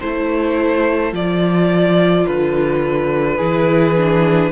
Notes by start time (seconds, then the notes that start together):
0.00 A3 E4 A4 C5
1.12 F3 F4 D5
2.26 D3 B4
3.38 E3 E4 G#4
3.96 D4